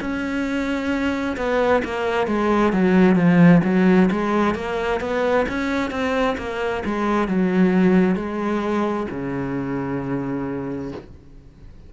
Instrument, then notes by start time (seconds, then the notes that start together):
cello
0.00 C#4
1.37 B3
1.84 A#3
2.27 G#3
2.73 F#3
3.16 F3
3.64 F#3
4.11 G#3
4.55 A#3
5.00 B3
5.48 C#4
5.91 C4
6.38 A#3
6.85 G#3
7.28 F#3
8.16 G#3
9.10 C#3